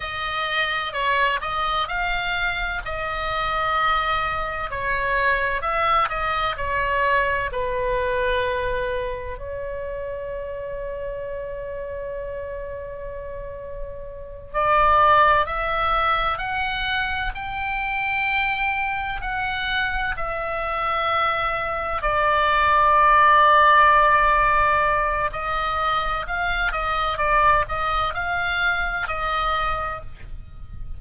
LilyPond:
\new Staff \with { instrumentName = "oboe" } { \time 4/4 \tempo 4 = 64 dis''4 cis''8 dis''8 f''4 dis''4~ | dis''4 cis''4 e''8 dis''8 cis''4 | b'2 cis''2~ | cis''2.~ cis''8 d''8~ |
d''8 e''4 fis''4 g''4.~ | g''8 fis''4 e''2 d''8~ | d''2. dis''4 | f''8 dis''8 d''8 dis''8 f''4 dis''4 | }